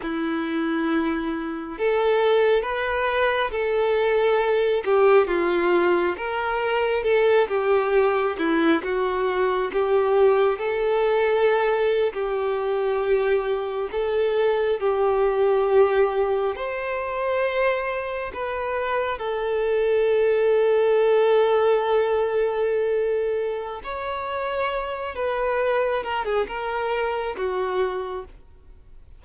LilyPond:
\new Staff \with { instrumentName = "violin" } { \time 4/4 \tempo 4 = 68 e'2 a'4 b'4 | a'4. g'8 f'4 ais'4 | a'8 g'4 e'8 fis'4 g'4 | a'4.~ a'16 g'2 a'16~ |
a'8. g'2 c''4~ c''16~ | c''8. b'4 a'2~ a'16~ | a'2. cis''4~ | cis''8 b'4 ais'16 gis'16 ais'4 fis'4 | }